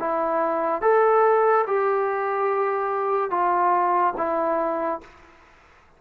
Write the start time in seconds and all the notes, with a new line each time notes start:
0.00 E4
0.82 A4
1.67 G4
3.30 F4
4.17 E4